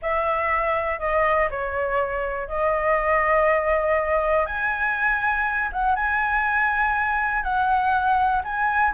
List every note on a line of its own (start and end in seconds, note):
0.02 0.99 E5
0.99 1.49 D#5
1.50 2.48 C#5
2.48 4.46 D#5
4.46 5.70 G#5
5.72 5.95 F#5
5.95 7.43 G#5
7.43 8.42 F#5
8.43 8.93 G#5